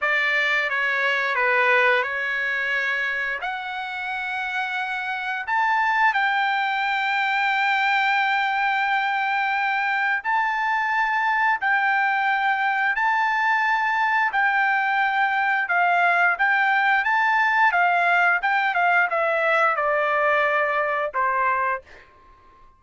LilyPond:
\new Staff \with { instrumentName = "trumpet" } { \time 4/4 \tempo 4 = 88 d''4 cis''4 b'4 cis''4~ | cis''4 fis''2. | a''4 g''2.~ | g''2. a''4~ |
a''4 g''2 a''4~ | a''4 g''2 f''4 | g''4 a''4 f''4 g''8 f''8 | e''4 d''2 c''4 | }